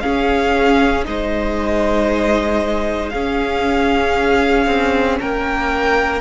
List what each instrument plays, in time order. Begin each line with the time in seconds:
0.00 viola C#4, cello C#4, violin G#4 F5
1.05 cello G#3, viola D#4, violin C5 D#5
3.09 cello C#4, viola C#4, violin G#4 F5
4.66 cello C4
5.19 cello A#3, violin A#4 G5